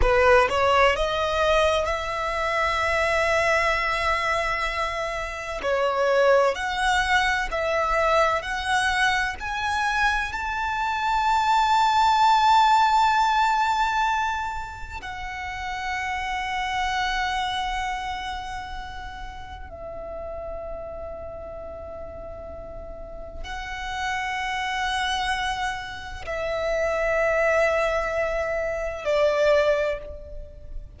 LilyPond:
\new Staff \with { instrumentName = "violin" } { \time 4/4 \tempo 4 = 64 b'8 cis''8 dis''4 e''2~ | e''2 cis''4 fis''4 | e''4 fis''4 gis''4 a''4~ | a''1 |
fis''1~ | fis''4 e''2.~ | e''4 fis''2. | e''2. d''4 | }